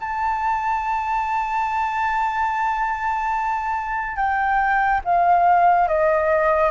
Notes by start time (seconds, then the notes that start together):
0.00 A5
4.16 G5
5.05 F5
5.88 D#5